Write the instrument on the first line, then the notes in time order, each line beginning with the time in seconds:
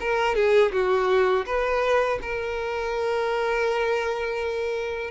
violin
0.00 A#4
0.35 G#4
0.72 F#4
1.45 B4
2.22 A#4